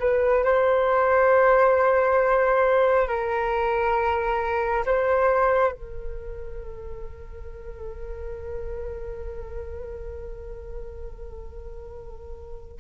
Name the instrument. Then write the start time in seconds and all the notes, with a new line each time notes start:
flute
0.00 B4
0.44 C5
3.08 A#4
4.86 C5
5.72 A#4